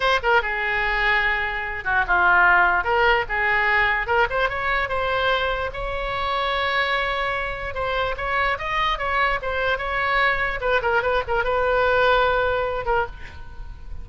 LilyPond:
\new Staff \with { instrumentName = "oboe" } { \time 4/4 \tempo 4 = 147 c''8 ais'8 gis'2.~ | gis'8 fis'8 f'2 ais'4 | gis'2 ais'8 c''8 cis''4 | c''2 cis''2~ |
cis''2. c''4 | cis''4 dis''4 cis''4 c''4 | cis''2 b'8 ais'8 b'8 ais'8 | b'2.~ b'8 ais'8 | }